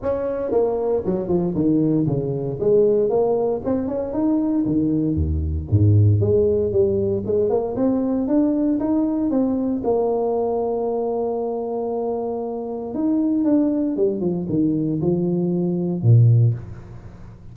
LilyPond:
\new Staff \with { instrumentName = "tuba" } { \time 4/4 \tempo 4 = 116 cis'4 ais4 fis8 f8 dis4 | cis4 gis4 ais4 c'8 cis'8 | dis'4 dis4 dis,4 gis,4 | gis4 g4 gis8 ais8 c'4 |
d'4 dis'4 c'4 ais4~ | ais1~ | ais4 dis'4 d'4 g8 f8 | dis4 f2 ais,4 | }